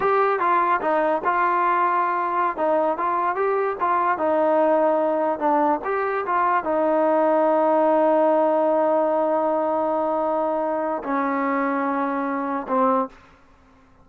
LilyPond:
\new Staff \with { instrumentName = "trombone" } { \time 4/4 \tempo 4 = 147 g'4 f'4 dis'4 f'4~ | f'2~ f'16 dis'4 f'8.~ | f'16 g'4 f'4 dis'4.~ dis'16~ | dis'4~ dis'16 d'4 g'4 f'8.~ |
f'16 dis'2.~ dis'8.~ | dis'1~ | dis'2. cis'4~ | cis'2. c'4 | }